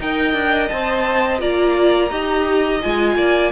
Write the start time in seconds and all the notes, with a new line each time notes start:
0.00 D#4 A#4 D#5 G5
0.33 D4
0.69 C4 C5 A5
1.39 A#3 F4 D5 A#5
2.10 D#4 G4 D#5
2.82 G#3 F4 G#5
3.16 A#3 D5